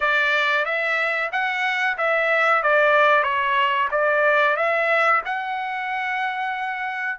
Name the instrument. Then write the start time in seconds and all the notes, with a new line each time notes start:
trumpet
0.00 D5
0.65 E5
1.32 F#5
1.97 E5
2.62 D5
3.23 C#5
3.91 D5
4.56 E5
5.25 F#5